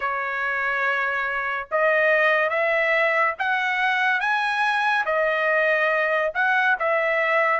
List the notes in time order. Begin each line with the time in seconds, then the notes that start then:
0.00 C#5
1.71 D#5
2.49 E5
3.38 F#5
4.20 G#5
5.05 D#5
6.34 F#5
6.79 E5